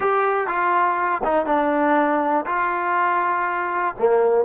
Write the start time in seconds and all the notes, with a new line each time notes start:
0.00 G4
0.47 F4
1.24 D#4
1.46 D4
2.45 F4
3.98 A#3